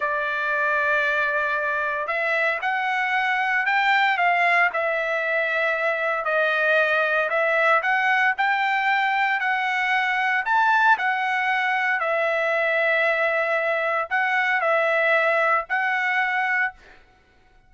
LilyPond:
\new Staff \with { instrumentName = "trumpet" } { \time 4/4 \tempo 4 = 115 d''1 | e''4 fis''2 g''4 | f''4 e''2. | dis''2 e''4 fis''4 |
g''2 fis''2 | a''4 fis''2 e''4~ | e''2. fis''4 | e''2 fis''2 | }